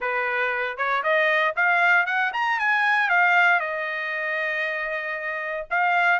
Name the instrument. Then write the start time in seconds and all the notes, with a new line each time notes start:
trumpet
0.00 B4
0.77 C#5
1.03 D#5
1.56 F5
2.06 F#5
2.33 A#5
2.59 G#5
3.09 F5
3.59 D#5
5.70 F5